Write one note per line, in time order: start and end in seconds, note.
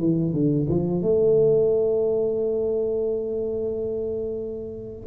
0.00 0.33 E3
0.33 0.67 D3
0.69 1.02 F3
1.02 5.07 A3